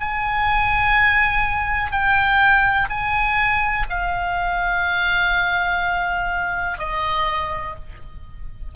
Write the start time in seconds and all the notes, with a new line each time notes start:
0.00 G#5
1.92 G5
2.89 G#5
3.89 F5
6.78 D#5